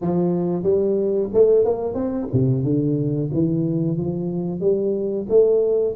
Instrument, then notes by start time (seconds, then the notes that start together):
tuba
0.01 F3
0.63 G3
1.33 A3
1.65 A#3
1.94 C4
2.33 C3
2.64 D3
3.33 E3
3.97 F3
4.60 G3
5.29 A3